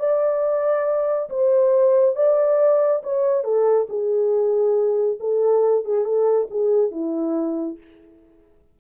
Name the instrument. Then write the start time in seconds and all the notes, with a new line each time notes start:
horn
0.00 D5
1.30 C5
2.16 D5
3.04 C#5
3.45 A4
3.90 G#4
5.20 A4
5.85 G#4
6.05 A4
6.51 G#4
6.92 E4